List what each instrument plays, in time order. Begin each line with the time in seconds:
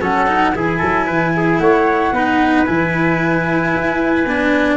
0.00 tuba F#3, cello C#4, trumpet A4, flute F#5
0.27 cello D#4
0.54 tuba E3, cello E4, trumpet G#4, flute G#5
0.78 tuba F#3, trumpet A4
1.06 tuba E3, trumpet B4
1.36 trumpet G#4
1.58 tuba A3, trumpet C#5, flute F#5
2.12 tuba B3, cello D#4, trumpet B4
2.65 tuba E3, cello E4, flute G#5
3.75 tuba E4
4.25 tuba B3, cello D4